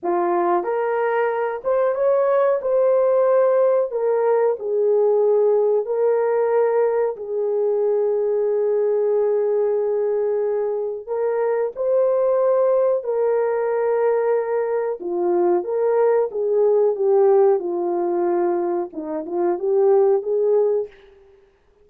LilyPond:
\new Staff \with { instrumentName = "horn" } { \time 4/4 \tempo 4 = 92 f'4 ais'4. c''8 cis''4 | c''2 ais'4 gis'4~ | gis'4 ais'2 gis'4~ | gis'1~ |
gis'4 ais'4 c''2 | ais'2. f'4 | ais'4 gis'4 g'4 f'4~ | f'4 dis'8 f'8 g'4 gis'4 | }